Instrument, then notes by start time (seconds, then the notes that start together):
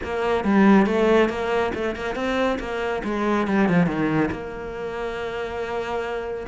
cello
0.03 A#3
0.44 G3
0.86 A3
1.29 A#3
1.74 A3
1.95 A#3
2.15 C4
2.59 A#3
3.04 G#3
3.47 G3
3.68 F3
3.86 D#3
4.31 A#3